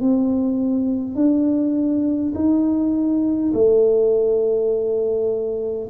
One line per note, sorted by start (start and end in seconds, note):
0.00 1.15 C4
1.15 2.33 D4
2.35 3.52 D#4
3.53 5.89 A3